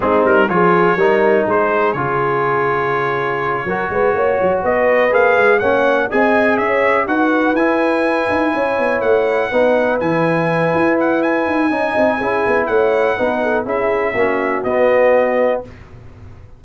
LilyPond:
<<
  \new Staff \with { instrumentName = "trumpet" } { \time 4/4 \tempo 4 = 123 gis'8 ais'8 cis''2 c''4 | cis''1~ | cis''4. dis''4 f''4 fis''8~ | fis''8 gis''4 e''4 fis''4 gis''8~ |
gis''2~ gis''8 fis''4.~ | fis''8 gis''2 fis''8 gis''4~ | gis''2 fis''2 | e''2 dis''2 | }
  \new Staff \with { instrumentName = "horn" } { \time 4/4 dis'4 gis'4 ais'4 gis'4~ | gis'2.~ gis'8 ais'8 | b'8 cis''4 b'2 cis''8~ | cis''8 dis''4 cis''4 b'4.~ |
b'4. cis''2 b'8~ | b'1 | dis''4 gis'4 cis''4 b'8 a'8 | gis'4 fis'2. | }
  \new Staff \with { instrumentName = "trombone" } { \time 4/4 c'4 f'4 dis'2 | f'2.~ f'8 fis'8~ | fis'2~ fis'8 gis'4 cis'8~ | cis'8 gis'2 fis'4 e'8~ |
e'2.~ e'8 dis'8~ | dis'8 e'2.~ e'8 | dis'4 e'2 dis'4 | e'4 cis'4 b2 | }
  \new Staff \with { instrumentName = "tuba" } { \time 4/4 gis8 g8 f4 g4 gis4 | cis2.~ cis8 fis8 | gis8 ais8 fis8 b4 ais8 gis8 ais8~ | ais8 c'4 cis'4 dis'4 e'8~ |
e'4 dis'8 cis'8 b8 a4 b8~ | b8 e4. e'4. dis'8 | cis'8 c'8 cis'8 b8 a4 b4 | cis'4 ais4 b2 | }
>>